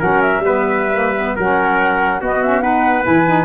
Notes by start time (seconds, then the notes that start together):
0.00 F#3 C#4 A#4 F#5
0.22 E5
0.40 G3 B3 B4
0.94 A#3
1.17 B3
1.36 F#3 C#4 A#4 F#5
2.21 B3 F#4 D#5
2.43 C#4 E5
2.61 D#4 B4 F#5
3.03 E3 E4 G#5
3.26 D#4